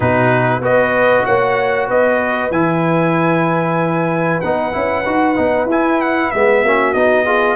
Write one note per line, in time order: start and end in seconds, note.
0.00 0.60 B2
0.00 0.61 D#4
0.00 0.62 F#4
0.00 0.63 B4
0.60 1.24 B3
0.60 2.51 F#4
0.60 1.25 D#5
0.67 1.25 B4
1.25 1.90 A#3
1.25 1.87 C#5
1.25 1.89 F#5
1.87 2.50 B3
1.87 6.61 B4
1.87 2.51 D#5
2.50 4.40 E3
2.50 4.42 E4
2.50 4.40 G#5
4.40 4.74 B3
4.40 4.72 D#4
4.40 5.67 F#5
4.72 5.06 C#4
4.72 5.03 E4
5.05 5.37 D#4
5.05 5.35 F#4
5.35 5.65 B3
5.35 5.67 D#4
5.65 6.28 E4
5.65 6.34 E4
5.65 6.01 G#5
6.01 6.31 F#5
6.31 6.63 G#3
6.31 6.65 B3
6.31 6.93 E5
6.63 6.94 A#3
6.63 6.94 C#4
6.63 7.25 F#4
6.93 7.56 B3
6.93 7.25 D#4
6.93 7.56 D#5
7.25 7.56 F4
7.25 7.56 G#4